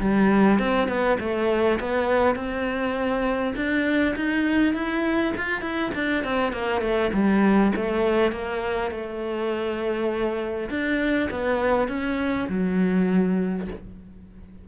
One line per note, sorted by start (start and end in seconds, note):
0.00 0.59 G3
0.59 0.88 C4
0.88 1.18 B3
1.20 1.79 A3
1.80 2.35 B3
2.35 3.54 C4
3.56 4.15 D4
4.16 4.74 D#4
4.74 5.33 E4
5.37 5.61 F4
5.61 5.91 E4
5.95 6.24 D4
6.24 6.52 C4
6.52 6.81 A#3
6.81 7.11 A3
7.13 7.72 G3
7.76 8.32 A3
8.32 8.91 A#3
8.91 10.69 A3
10.70 11.29 D4
11.30 11.88 B3
11.88 12.48 C#4
12.49 13.68 F#3